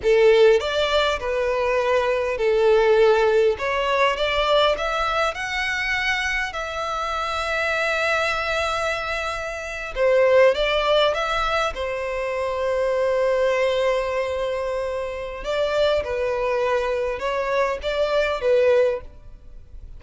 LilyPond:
\new Staff \with { instrumentName = "violin" } { \time 4/4 \tempo 4 = 101 a'4 d''4 b'2 | a'2 cis''4 d''4 | e''4 fis''2 e''4~ | e''1~ |
e''8. c''4 d''4 e''4 c''16~ | c''1~ | c''2 d''4 b'4~ | b'4 cis''4 d''4 b'4 | }